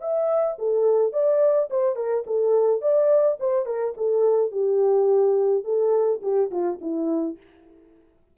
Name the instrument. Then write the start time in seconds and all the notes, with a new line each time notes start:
horn
0.00 E5
0.58 A4
1.12 D5
1.70 C5
1.95 A#4
2.26 A4
2.81 D5
3.40 C5
3.65 A#4
3.96 A4
4.51 G4
5.64 A4
6.22 G4
6.50 F4
6.81 E4